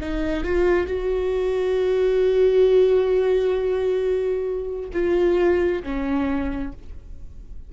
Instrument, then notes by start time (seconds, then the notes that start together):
viola
0.00 D#4
0.44 F4
0.87 F#4
4.93 F4
5.83 C#4